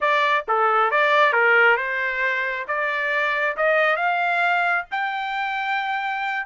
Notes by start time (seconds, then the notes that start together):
0.01 D5
0.48 A4
0.91 D5
1.33 A#4
1.77 C5
2.67 D5
3.56 D#5
3.96 F5
4.91 G5